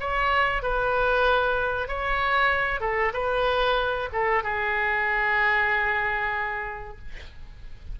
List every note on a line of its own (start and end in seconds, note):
0.00 0.62 C#5
0.62 1.88 B4
1.88 2.80 C#5
2.80 3.12 A4
3.13 4.09 B4
4.12 4.43 A4
4.43 6.99 G#4